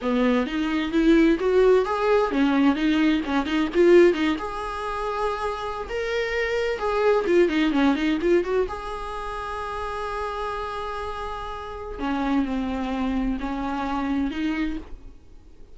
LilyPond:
\new Staff \with { instrumentName = "viola" } { \time 4/4 \tempo 4 = 130 b4 dis'4 e'4 fis'4 | gis'4 cis'4 dis'4 cis'8 dis'8 | f'4 dis'8 gis'2~ gis'8~ | gis'8. ais'2 gis'4 f'16~ |
f'16 dis'8 cis'8 dis'8 f'8 fis'8 gis'4~ gis'16~ | gis'1~ | gis'2 cis'4 c'4~ | c'4 cis'2 dis'4 | }